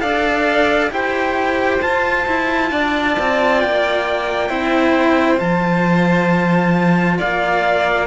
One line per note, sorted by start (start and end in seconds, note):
0.00 0.90 D4
0.00 0.90 A4
0.00 0.92 D5
0.00 0.90 F5
0.90 1.80 E4
0.90 1.80 G4
0.90 2.72 C5
0.90 1.82 G5
1.82 2.26 F4
1.82 4.49 F4
1.82 3.60 A5
2.27 2.72 E4
2.72 3.17 D4
2.72 4.49 D5
3.19 3.64 C4
3.60 4.51 A#3
3.60 5.39 G5
4.49 5.40 C4
4.49 5.37 E4
4.49 7.18 C5
5.37 7.20 F3
5.37 8.06 F4
5.37 7.19 A5
7.18 8.07 A#3
7.18 8.07 D5
7.18 8.07 F5